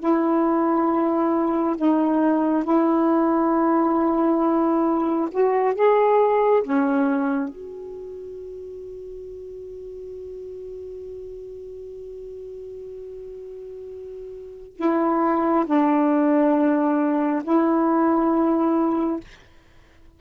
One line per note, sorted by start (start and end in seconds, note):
0.00 1.76 E4
1.77 2.64 D#4
2.64 5.29 E4
5.32 5.75 F#4
5.75 6.63 G#4
6.64 7.49 C#4
7.49 14.77 F#4
14.77 15.65 E4
15.66 17.43 D4
17.44 19.20 E4